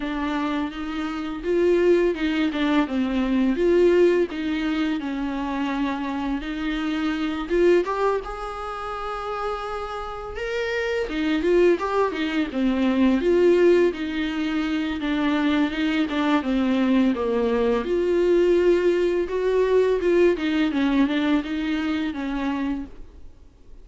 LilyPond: \new Staff \with { instrumentName = "viola" } { \time 4/4 \tempo 4 = 84 d'4 dis'4 f'4 dis'8 d'8 | c'4 f'4 dis'4 cis'4~ | cis'4 dis'4. f'8 g'8 gis'8~ | gis'2~ gis'8 ais'4 dis'8 |
f'8 g'8 dis'8 c'4 f'4 dis'8~ | dis'4 d'4 dis'8 d'8 c'4 | ais4 f'2 fis'4 | f'8 dis'8 cis'8 d'8 dis'4 cis'4 | }